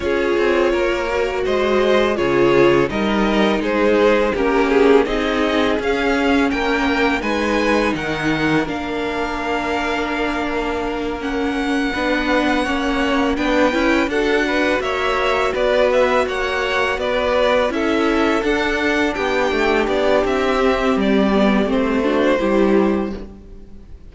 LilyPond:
<<
  \new Staff \with { instrumentName = "violin" } { \time 4/4 \tempo 4 = 83 cis''2 dis''4 cis''4 | dis''4 c''4 ais'8 gis'8 dis''4 | f''4 g''4 gis''4 fis''4 | f''2.~ f''8 fis''8~ |
fis''2~ fis''8 g''4 fis''8~ | fis''8 e''4 d''8 e''8 fis''4 d''8~ | d''8 e''4 fis''4 g''4 d''8 | e''4 d''4 c''2 | }
  \new Staff \with { instrumentName = "violin" } { \time 4/4 gis'4 ais'4 c''4 gis'4 | ais'4 gis'4 g'4 gis'4~ | gis'4 ais'4 b'4 ais'4~ | ais'1~ |
ais'8 b'4 cis''4 b'4 a'8 | b'8 cis''4 b'4 cis''4 b'8~ | b'8 a'2 g'4.~ | g'2~ g'8 fis'8 g'4 | }
  \new Staff \with { instrumentName = "viola" } { \time 4/4 f'4. fis'4. f'4 | dis'2 cis'4 dis'4 | cis'2 dis'2 | d'2.~ d'8 cis'8~ |
cis'8 d'4 cis'4 d'8 e'8 fis'8~ | fis'1~ | fis'8 e'4 d'2~ d'8~ | d'8 c'4 b8 c'8 d'8 e'4 | }
  \new Staff \with { instrumentName = "cello" } { \time 4/4 cis'8 c'8 ais4 gis4 cis4 | g4 gis4 ais4 c'4 | cis'4 ais4 gis4 dis4 | ais1~ |
ais8 b4 ais4 b8 cis'8 d'8~ | d'8 ais4 b4 ais4 b8~ | b8 cis'4 d'4 b8 a8 b8 | c'4 g4 a4 g4 | }
>>